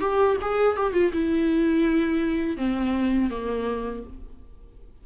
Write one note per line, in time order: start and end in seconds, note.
0.00 0.37 G4
0.41 0.76 G#4
0.76 0.93 G4
0.93 1.11 F4
1.12 2.57 E4
2.57 3.30 C4
3.30 4.03 A#3